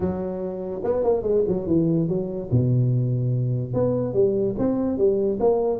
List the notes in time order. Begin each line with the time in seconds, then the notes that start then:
0.00 F#3
0.83 B3
1.03 A#3
1.22 G#3
1.47 F#3
1.67 E3
2.08 F#3
2.51 B2
3.73 B3
4.13 G3
4.58 C4
4.97 G3
5.40 A#3